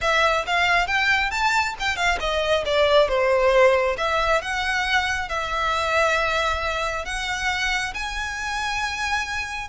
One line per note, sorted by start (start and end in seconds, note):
0.01 0.45 E5
0.46 0.87 F5
0.87 1.30 G5
1.30 1.74 A5
1.79 1.96 G5
1.96 2.18 F5
2.20 2.64 D#5
2.65 3.08 D5
3.08 3.96 C5
3.97 4.41 E5
4.41 5.28 F#5
5.28 7.05 E5
7.05 7.93 F#5
7.94 9.68 G#5